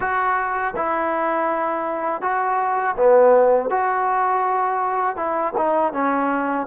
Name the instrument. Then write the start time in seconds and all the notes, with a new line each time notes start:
trombone
0.00 F#4
0.76 E4
2.21 F#4
2.96 B3
3.70 F#4
5.16 E4
5.57 D#4
5.93 C#4